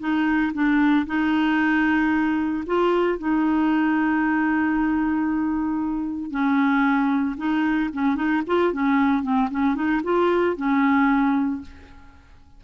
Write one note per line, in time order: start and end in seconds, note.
0.00 0.53 D#4
0.54 1.06 D4
1.06 2.64 D#4
2.67 3.19 F4
3.19 6.31 D#4
6.31 7.36 C#4
7.38 7.90 D#4
7.94 8.16 C#4
8.16 8.42 D#4
8.47 8.73 F4
8.73 9.23 C#4
9.23 9.49 C4
9.51 9.75 C#4
9.75 10.01 D#4
10.04 10.56 F4
10.56 11.62 C#4